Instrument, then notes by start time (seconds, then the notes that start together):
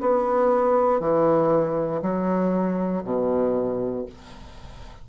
bassoon
0.00 B3
1.00 E3
2.02 F#3
3.04 B2